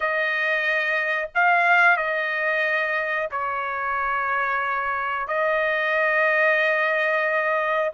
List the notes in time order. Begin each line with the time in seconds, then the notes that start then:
0.00 D#5
1.34 F5
1.96 D#5
3.31 C#5
5.27 D#5